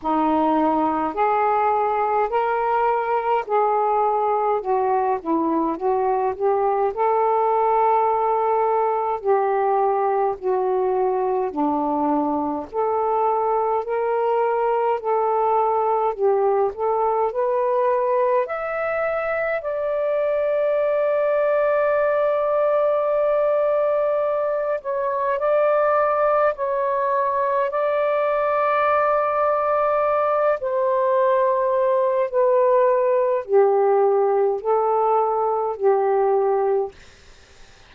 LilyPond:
\new Staff \with { instrumentName = "saxophone" } { \time 4/4 \tempo 4 = 52 dis'4 gis'4 ais'4 gis'4 | fis'8 e'8 fis'8 g'8 a'2 | g'4 fis'4 d'4 a'4 | ais'4 a'4 g'8 a'8 b'4 |
e''4 d''2.~ | d''4. cis''8 d''4 cis''4 | d''2~ d''8 c''4. | b'4 g'4 a'4 g'4 | }